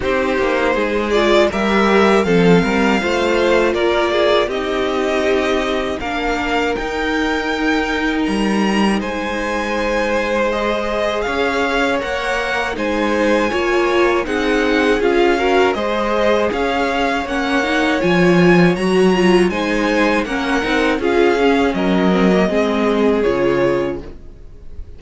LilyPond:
<<
  \new Staff \with { instrumentName = "violin" } { \time 4/4 \tempo 4 = 80 c''4. d''8 e''4 f''4~ | f''4 d''4 dis''2 | f''4 g''2 ais''4 | gis''2 dis''4 f''4 |
fis''4 gis''2 fis''4 | f''4 dis''4 f''4 fis''4 | gis''4 ais''4 gis''4 fis''4 | f''4 dis''2 cis''4 | }
  \new Staff \with { instrumentName = "violin" } { \time 4/4 g'4 gis'4 ais'4 a'8 ais'8 | c''4 ais'8 gis'8 g'2 | ais'1 | c''2. cis''4~ |
cis''4 c''4 cis''4 gis'4~ | gis'8 ais'8 c''4 cis''2~ | cis''2 c''4 ais'4 | gis'4 ais'4 gis'2 | }
  \new Staff \with { instrumentName = "viola" } { \time 4/4 dis'4. f'8 g'4 c'4 | f'2 dis'2 | d'4 dis'2.~ | dis'2 gis'2 |
ais'4 dis'4 f'4 dis'4 | f'8 fis'8 gis'2 cis'8 dis'8 | f'4 fis'8 f'8 dis'4 cis'8 dis'8 | f'8 cis'4 c'16 ais16 c'4 f'4 | }
  \new Staff \with { instrumentName = "cello" } { \time 4/4 c'8 ais8 gis4 g4 f8 g8 | a4 ais4 c'2 | ais4 dis'2 g4 | gis2. cis'4 |
ais4 gis4 ais4 c'4 | cis'4 gis4 cis'4 ais4 | f4 fis4 gis4 ais8 c'8 | cis'4 fis4 gis4 cis4 | }
>>